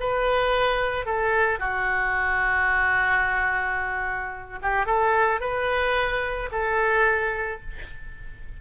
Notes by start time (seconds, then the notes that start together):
0.00 B4
1.05 A4
1.59 F#4
4.62 G4
4.86 A4
5.40 B4
6.52 A4